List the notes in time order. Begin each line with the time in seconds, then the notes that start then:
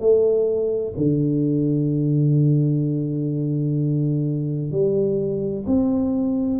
0.00 A3
0.97 D3
4.72 G3
5.67 C4